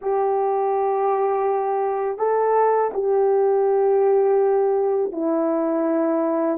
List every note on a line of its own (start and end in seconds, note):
0.01 2.18 G4
2.18 2.91 A4
2.93 5.12 G4
5.12 6.58 E4